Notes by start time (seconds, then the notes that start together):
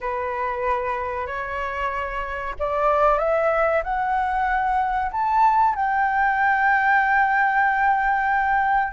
0.00 B4
1.26 C#5
2.59 D5
3.18 E5
3.83 F#5
5.11 A5
5.75 G5